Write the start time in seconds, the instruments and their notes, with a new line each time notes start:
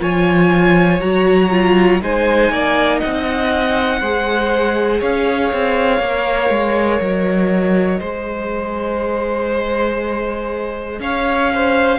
0.00 cello F3, viola F4, violin C#5 G#5
1.00 cello F#3, viola F#4, violin A#5
1.51 viola F4
2.01 cello G#3, viola D#4, violin C5 G#5
2.51 cello A#3, violin D5
2.99 cello C4, violin D#5 F#5
4.00 cello G#3, viola G#4, violin C5
5.00 cello C#4, violin C#5 F5
5.53 cello C4
6.00 cello A#3, viola A#4
6.50 cello G#3
7.00 cello F#3, violin D#5
8.00 cello G#3, viola G#4, violin C5
11.00 cello C#4, violin C#5 F5
11.54 violin C5